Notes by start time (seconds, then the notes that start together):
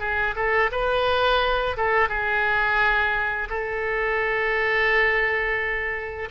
0.00 G#4
0.36 A4
0.72 B4
1.77 A4
2.09 G#4
3.50 A4